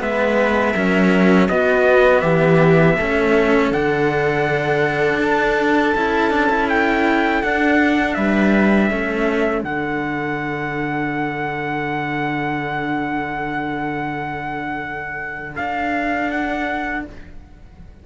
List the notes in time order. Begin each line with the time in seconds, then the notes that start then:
0.00 G#3 B3 B4 E5
0.75 F#3 C#4 A#4
1.49 B3 F#4 D#5
2.21 E3 G4 E5
2.98 A3 C#4 A4
3.72 D3 D4 F#5
5.20 D4 A5
5.95 C#4 E4
6.31 D4
6.50 E4
6.69 G5
7.43 D4 F#5
8.15 G3 B4 E5
8.91 A3 C#4 A4
9.62 D3 D4 F#5
15.57 D4 F5
16.31 F#5